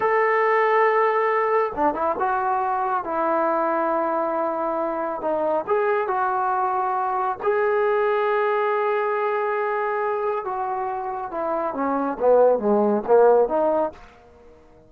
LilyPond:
\new Staff \with { instrumentName = "trombone" } { \time 4/4 \tempo 4 = 138 a'1 | d'8 e'8 fis'2 e'4~ | e'1 | dis'4 gis'4 fis'2~ |
fis'4 gis'2.~ | gis'1 | fis'2 e'4 cis'4 | b4 gis4 ais4 dis'4 | }